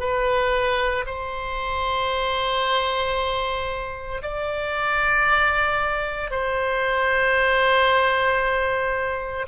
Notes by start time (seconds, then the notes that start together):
0.00 B4
1.07 C5
4.22 D5
6.31 C5